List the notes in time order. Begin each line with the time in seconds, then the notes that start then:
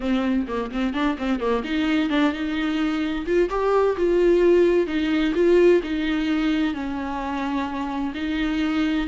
0.00 C4
0.47 A#3
0.71 C4
0.93 D4
1.17 C4
1.40 A#3
1.63 D#4
2.09 D4
2.32 D#4
3.26 F4
3.49 G4
3.97 F4
4.86 D#4
5.35 F4
5.83 D#4
6.73 C#4
8.14 D#4